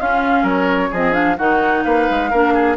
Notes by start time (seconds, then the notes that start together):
0.00 C#4 F4 F5
0.43 F#3 A#4 C#5
0.91 F3 C4 G#4 D#5
1.12 D4 F5
1.38 D#3 D#4 F#4 F#5
1.84 A#3 B4 F5
2.10 G#3
2.31 A#3 D4 A#4
2.54 G#4